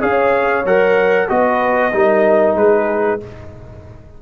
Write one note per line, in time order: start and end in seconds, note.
0.00 0.65 C#4
0.00 0.64 G#4
0.00 1.29 C#5
0.00 0.66 F5
0.65 1.29 F#3
0.65 1.28 A#4
0.65 1.29 F#5
1.28 1.93 B3
1.28 1.92 F#4
1.28 1.93 B4
1.28 2.57 D#5
1.92 2.55 G3
1.92 3.20 D#4
1.92 2.58 A#4
2.55 3.19 G#3
2.55 3.22 G#4
2.55 3.20 B4